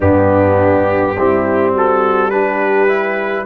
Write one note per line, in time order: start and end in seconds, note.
0.00 1.15 G2
0.00 1.16 B3
0.00 1.13 D4
0.00 1.74 G4
1.17 3.46 G3
1.17 2.31 C4
1.17 1.73 E4
1.73 2.30 F#4
1.73 2.30 A4
2.30 2.88 D4
2.30 3.46 G4
2.30 3.45 B4
2.88 3.45 E4